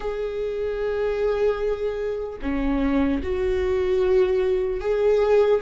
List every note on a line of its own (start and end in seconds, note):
0.00 2.39 G#4
2.42 3.22 C#4
3.23 4.80 F#4
4.80 5.60 G#4